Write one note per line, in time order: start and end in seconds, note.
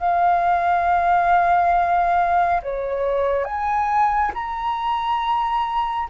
0.00 2.61 F5
2.62 3.45 C#5
3.45 4.32 G#5
4.34 6.08 A#5